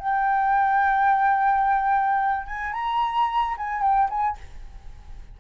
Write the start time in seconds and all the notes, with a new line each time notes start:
0.00 G5
2.47 G#5
2.74 A#5
3.58 G#5
3.82 G5
4.10 G#5